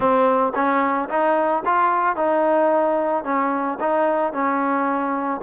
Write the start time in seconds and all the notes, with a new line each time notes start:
0.00 C4
0.54 C#4
1.09 D#4
1.65 F4
2.15 D#4
3.24 C#4
3.80 D#4
4.32 C#4